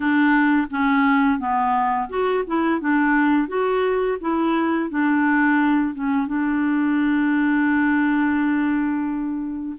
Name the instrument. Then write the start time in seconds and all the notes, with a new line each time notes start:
clarinet
0.00 D4
0.70 C#4
1.39 B3
2.09 F#4
2.46 E4
2.80 D4
3.48 F#4
4.21 E4
4.90 D4
5.94 C#4
6.27 D4